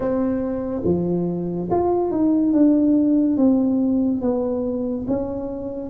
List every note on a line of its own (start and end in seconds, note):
0.00 0.81 C4
0.84 1.68 F3
1.70 2.11 F4
2.11 2.52 D#4
2.52 3.36 D4
3.36 4.21 C4
4.21 5.06 B3
5.07 5.90 C#4